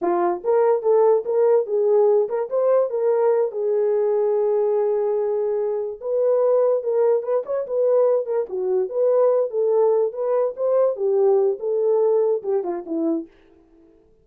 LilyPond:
\new Staff \with { instrumentName = "horn" } { \time 4/4 \tempo 4 = 145 f'4 ais'4 a'4 ais'4 | gis'4. ais'8 c''4 ais'4~ | ais'8 gis'2.~ gis'8~ | gis'2~ gis'8 b'4.~ |
b'8 ais'4 b'8 cis''8 b'4. | ais'8 fis'4 b'4. a'4~ | a'8 b'4 c''4 g'4. | a'2 g'8 f'8 e'4 | }